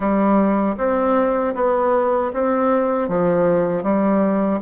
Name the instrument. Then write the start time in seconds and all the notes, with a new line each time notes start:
bassoon
0.00 G3
0.77 C4
1.55 B3
2.33 C4
3.08 F3
3.83 G3